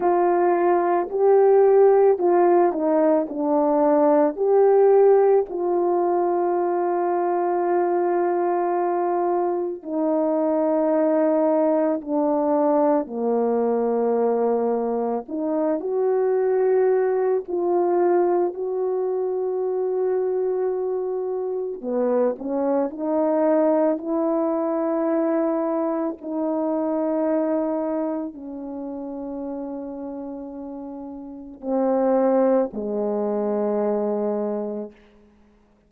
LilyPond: \new Staff \with { instrumentName = "horn" } { \time 4/4 \tempo 4 = 55 f'4 g'4 f'8 dis'8 d'4 | g'4 f'2.~ | f'4 dis'2 d'4 | ais2 dis'8 fis'4. |
f'4 fis'2. | b8 cis'8 dis'4 e'2 | dis'2 cis'2~ | cis'4 c'4 gis2 | }